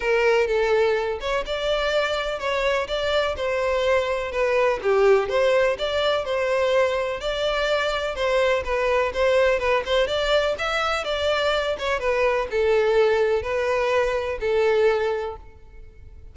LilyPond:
\new Staff \with { instrumentName = "violin" } { \time 4/4 \tempo 4 = 125 ais'4 a'4. cis''8 d''4~ | d''4 cis''4 d''4 c''4~ | c''4 b'4 g'4 c''4 | d''4 c''2 d''4~ |
d''4 c''4 b'4 c''4 | b'8 c''8 d''4 e''4 d''4~ | d''8 cis''8 b'4 a'2 | b'2 a'2 | }